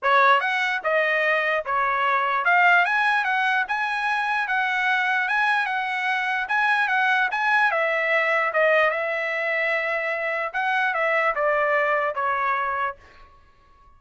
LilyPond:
\new Staff \with { instrumentName = "trumpet" } { \time 4/4 \tempo 4 = 148 cis''4 fis''4 dis''2 | cis''2 f''4 gis''4 | fis''4 gis''2 fis''4~ | fis''4 gis''4 fis''2 |
gis''4 fis''4 gis''4 e''4~ | e''4 dis''4 e''2~ | e''2 fis''4 e''4 | d''2 cis''2 | }